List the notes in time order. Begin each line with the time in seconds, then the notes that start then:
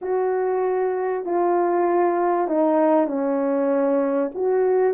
0.01 F#4
1.25 F4
2.47 D#4
3.07 C#4
4.34 F#4